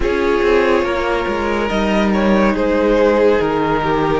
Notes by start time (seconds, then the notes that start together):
0.00 C#4 F4 G#4 C#5
0.42 C4
0.82 A#3 A#4
1.27 G#3
1.68 G3 D#4 D#5
2.13 C#5
2.53 G#3 G#4 C5
3.40 D#3 A#4
3.83 G4